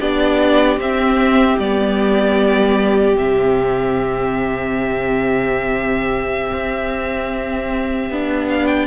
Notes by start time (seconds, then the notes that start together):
0.00 B3 D4 G4 D5
0.77 C4 E5
1.59 G3 B3 D5
3.16 C3 C4 E5
6.53 C4
8.10 B3 D4
8.49 F5
8.66 G5